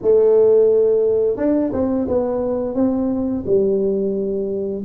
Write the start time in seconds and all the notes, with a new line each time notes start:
0.02 A3
1.36 D4
1.72 C4
2.07 B3
2.75 C4
3.45 G3